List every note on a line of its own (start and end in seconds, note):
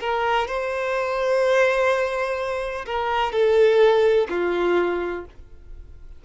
0.00 0.47 A#4
0.47 2.85 C5
2.86 3.32 A#4
3.32 4.28 A4
4.29 5.25 F4